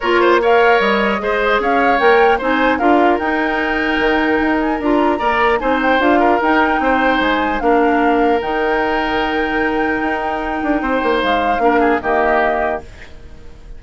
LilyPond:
<<
  \new Staff \with { instrumentName = "flute" } { \time 4/4 \tempo 4 = 150 cis''4 f''4 dis''2 | f''4 g''4 gis''4 f''4 | g''2.~ g''8 gis''8 | ais''2 gis''8 g''8 f''4 |
g''2 gis''4 f''4~ | f''4 g''2.~ | g''1 | f''2 dis''2 | }
  \new Staff \with { instrumentName = "oboe" } { \time 4/4 ais'8 c''8 cis''2 c''4 | cis''2 c''4 ais'4~ | ais'1~ | ais'4 d''4 c''4. ais'8~ |
ais'4 c''2 ais'4~ | ais'1~ | ais'2. c''4~ | c''4 ais'8 gis'8 g'2 | }
  \new Staff \with { instrumentName = "clarinet" } { \time 4/4 f'4 ais'2 gis'4~ | gis'4 ais'4 dis'4 f'4 | dis'1 | f'4 ais'4 dis'4 f'4 |
dis'2. d'4~ | d'4 dis'2.~ | dis'1~ | dis'4 d'4 ais2 | }
  \new Staff \with { instrumentName = "bassoon" } { \time 4/4 ais2 g4 gis4 | cis'4 ais4 c'4 d'4 | dis'2 dis4 dis'4 | d'4 ais4 c'4 d'4 |
dis'4 c'4 gis4 ais4~ | ais4 dis2.~ | dis4 dis'4. d'8 c'8 ais8 | gis4 ais4 dis2 | }
>>